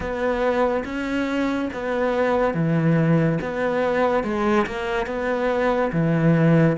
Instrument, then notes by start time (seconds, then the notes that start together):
cello
0.00 B3
0.85 C#4
1.73 B3
2.54 E3
3.41 B3
4.23 G#3
4.66 A#3
5.06 B3
5.92 E3